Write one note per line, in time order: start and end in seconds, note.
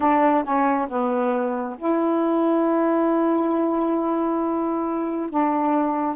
0.00 0.44 D4
0.44 0.88 C#4
0.88 1.76 B3
1.78 5.29 E4
5.29 6.15 D4